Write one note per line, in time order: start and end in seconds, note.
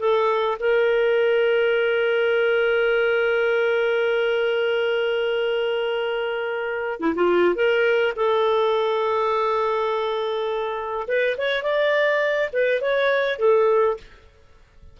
0.00 0.58 A4
0.60 7.01 A#4
7.01 7.15 E4
7.15 7.55 F4
7.55 8.14 A#4
8.16 11.08 A4
11.08 11.37 B4
11.38 11.63 C#5
11.63 12.51 D5
12.53 12.82 B4
12.82 13.39 C#5
13.39 13.98 A4